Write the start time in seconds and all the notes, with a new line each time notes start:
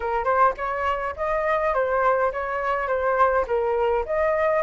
0.00 A#4
0.24 C5
0.57 C#5
1.16 D#5
1.74 C5
2.32 C#5
2.87 C5
3.47 A#4
4.05 D#5